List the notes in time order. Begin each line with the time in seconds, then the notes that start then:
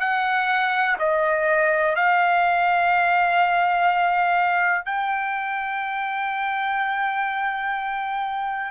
0.00 F#5
0.99 D#5
1.96 F5
4.85 G5